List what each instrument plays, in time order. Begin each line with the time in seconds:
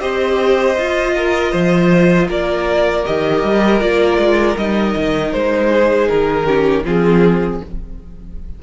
0.00 cello C4, viola G4, violin C5 D#5
0.78 cello F4, viola F4
1.16 violin A#4
1.52 cello F3, violin C5
2.29 cello A#3, violin A#4 D5
3.05 cello D#3, viola G4, violin D#5
3.44 cello G3
3.81 cello A#3, viola F4, violin D5
4.18 cello G#3
4.57 cello G3, viola D#4, violin D#5
4.96 cello D#3
5.33 cello G#3, violin C5
5.73 violin G#4
6.08 cello D#3, violin A#4
6.46 viola C#4, violin G4
6.85 cello F3, viola C4, violin F4 G#4